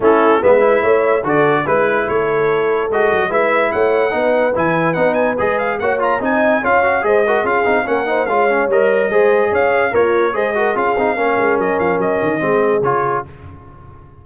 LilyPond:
<<
  \new Staff \with { instrumentName = "trumpet" } { \time 4/4 \tempo 4 = 145 a'4 e''2 d''4 | b'4 cis''2 dis''4 | e''4 fis''2 gis''4 | fis''8 gis''8 dis''8 f''8 fis''8 ais''8 gis''4 |
f''4 dis''4 f''4 fis''4 | f''4 dis''2 f''4 | cis''4 dis''4 f''2 | dis''8 f''8 dis''2 cis''4 | }
  \new Staff \with { instrumentName = "horn" } { \time 4/4 e'4 b'4 cis''4 a'4 | b'4 a'2. | b'4 cis''4 b'2~ | b'2 cis''4 dis''4 |
cis''4 c''8 ais'8 gis'4 ais'8 c''8 | cis''2 c''4 cis''4 | f'4 c''8 ais'8 gis'4 ais'4~ | ais'2 gis'2 | }
  \new Staff \with { instrumentName = "trombone" } { \time 4/4 cis'4 b8 e'4. fis'4 | e'2. fis'4 | e'2 dis'4 e'4 | dis'4 gis'4 fis'8 f'8 dis'4 |
f'8 fis'8 gis'8 fis'8 f'8 dis'8 cis'8 dis'8 | f'8 cis'8 ais'4 gis'2 | ais'4 gis'8 fis'8 f'8 dis'8 cis'4~ | cis'2 c'4 f'4 | }
  \new Staff \with { instrumentName = "tuba" } { \time 4/4 a4 gis4 a4 d4 | gis4 a2 gis8 fis8 | gis4 a4 b4 e4 | b4 gis4 ais4 c'4 |
cis'4 gis4 cis'8 c'8 ais4 | gis4 g4 gis4 cis'4 | ais4 gis4 cis'8 c'8 ais8 gis8 | fis8 f8 fis8 dis8 gis4 cis4 | }
>>